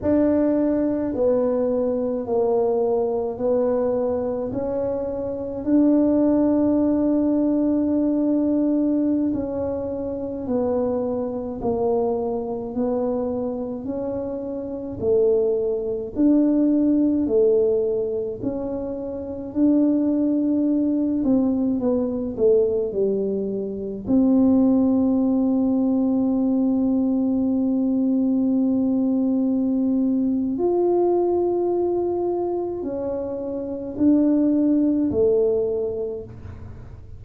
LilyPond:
\new Staff \with { instrumentName = "tuba" } { \time 4/4 \tempo 4 = 53 d'4 b4 ais4 b4 | cis'4 d'2.~ | d'16 cis'4 b4 ais4 b8.~ | b16 cis'4 a4 d'4 a8.~ |
a16 cis'4 d'4. c'8 b8 a16~ | a16 g4 c'2~ c'8.~ | c'2. f'4~ | f'4 cis'4 d'4 a4 | }